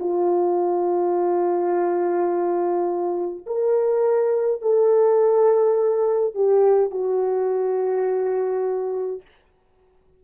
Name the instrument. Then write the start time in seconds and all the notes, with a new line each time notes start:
horn
0.00 F4
3.47 A#4
4.62 A4
6.35 G4
6.91 F#4